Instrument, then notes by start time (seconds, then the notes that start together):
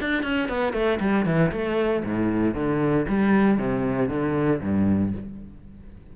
cello
0.00 D4
0.23 C#4
0.48 B3
0.73 A3
0.99 G3
1.25 E3
1.51 A3
2.04 A2
2.54 D3
3.08 G3
3.58 C3
4.09 D3
4.61 G2